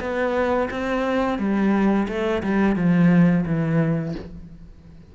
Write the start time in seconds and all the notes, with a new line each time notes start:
0.00 B3
0.71 C4
1.38 G3
2.08 A3
2.43 G3
2.76 F3
3.46 E3